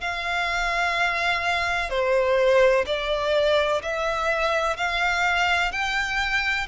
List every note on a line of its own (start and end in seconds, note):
0.00 1.90 F5
1.90 2.85 C5
2.86 3.81 D5
3.82 4.76 E5
4.76 5.71 F5
5.71 6.67 G5